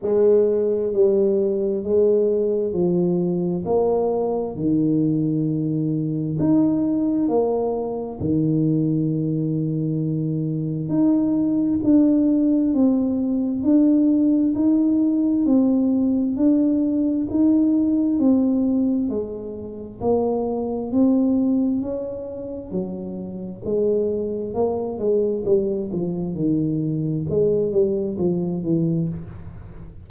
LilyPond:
\new Staff \with { instrumentName = "tuba" } { \time 4/4 \tempo 4 = 66 gis4 g4 gis4 f4 | ais4 dis2 dis'4 | ais4 dis2. | dis'4 d'4 c'4 d'4 |
dis'4 c'4 d'4 dis'4 | c'4 gis4 ais4 c'4 | cis'4 fis4 gis4 ais8 gis8 | g8 f8 dis4 gis8 g8 f8 e8 | }